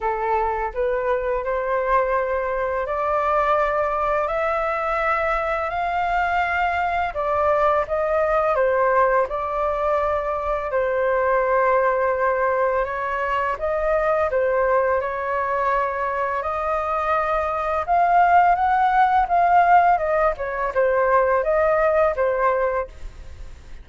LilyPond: \new Staff \with { instrumentName = "flute" } { \time 4/4 \tempo 4 = 84 a'4 b'4 c''2 | d''2 e''2 | f''2 d''4 dis''4 | c''4 d''2 c''4~ |
c''2 cis''4 dis''4 | c''4 cis''2 dis''4~ | dis''4 f''4 fis''4 f''4 | dis''8 cis''8 c''4 dis''4 c''4 | }